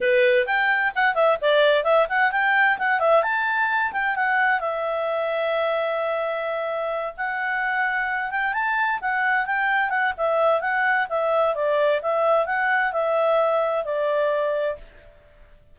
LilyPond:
\new Staff \with { instrumentName = "clarinet" } { \time 4/4 \tempo 4 = 130 b'4 g''4 fis''8 e''8 d''4 | e''8 fis''8 g''4 fis''8 e''8 a''4~ | a''8 g''8 fis''4 e''2~ | e''2.~ e''8 fis''8~ |
fis''2 g''8 a''4 fis''8~ | fis''8 g''4 fis''8 e''4 fis''4 | e''4 d''4 e''4 fis''4 | e''2 d''2 | }